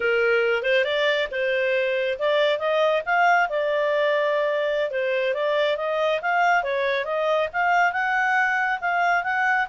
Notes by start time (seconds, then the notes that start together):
0.00 A#4
0.62 C5
0.84 D5
1.31 C5
2.18 D5
2.58 D#5
3.05 F5
3.49 D5
4.90 C5
5.34 D5
5.76 D#5
6.21 F5
6.63 C#5
7.04 D#5
7.52 F5
7.92 F#5
8.80 F5
9.23 F#5